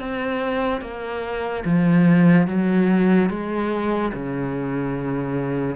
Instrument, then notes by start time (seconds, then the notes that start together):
cello
0.00 C4
0.82 A#3
1.66 F3
2.48 F#3
3.30 G#3
4.14 C#3